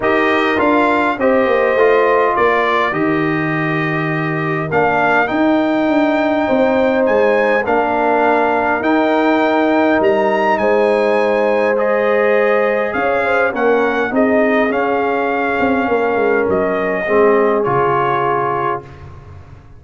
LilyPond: <<
  \new Staff \with { instrumentName = "trumpet" } { \time 4/4 \tempo 4 = 102 dis''4 f''4 dis''2 | d''4 dis''2. | f''4 g''2. | gis''4 f''2 g''4~ |
g''4 ais''4 gis''2 | dis''2 f''4 fis''4 | dis''4 f''2. | dis''2 cis''2 | }
  \new Staff \with { instrumentName = "horn" } { \time 4/4 ais'2 c''2 | ais'1~ | ais'2. c''4~ | c''4 ais'2.~ |
ais'2 c''2~ | c''2 cis''8 c''8 ais'4 | gis'2. ais'4~ | ais'4 gis'2. | }
  \new Staff \with { instrumentName = "trombone" } { \time 4/4 g'4 f'4 g'4 f'4~ | f'4 g'2. | d'4 dis'2.~ | dis'4 d'2 dis'4~ |
dis'1 | gis'2. cis'4 | dis'4 cis'2.~ | cis'4 c'4 f'2 | }
  \new Staff \with { instrumentName = "tuba" } { \time 4/4 dis'4 d'4 c'8 ais8 a4 | ais4 dis2. | ais4 dis'4 d'4 c'4 | gis4 ais2 dis'4~ |
dis'4 g4 gis2~ | gis2 cis'4 ais4 | c'4 cis'4. c'8 ais8 gis8 | fis4 gis4 cis2 | }
>>